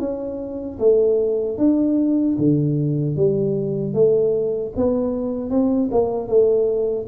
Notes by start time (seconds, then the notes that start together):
0.00 C#4
0.79 A3
1.58 D4
2.39 D3
3.17 G3
3.94 A3
4.77 B3
5.50 C4
5.92 A#3
6.28 A3